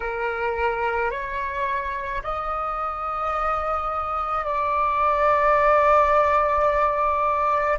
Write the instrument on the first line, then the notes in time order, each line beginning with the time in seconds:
flute
0.00 A#4
1.11 C#5
2.23 D#5
4.44 D5